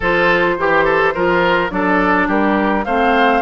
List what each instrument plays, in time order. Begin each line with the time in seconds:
0.00 bassoon F3, clarinet F4, oboe A4, flute C5
0.57 bassoon E3, clarinet G4, oboe G4
0.84 oboe A4
1.14 bassoon F3, clarinet F4, oboe A#4
1.69 bassoon F#3, clarinet D4, oboe A4, flute D5
2.27 bassoon G3, oboe G4, flute A#4
2.84 bassoon A3, clarinet C4, oboe C5, flute F5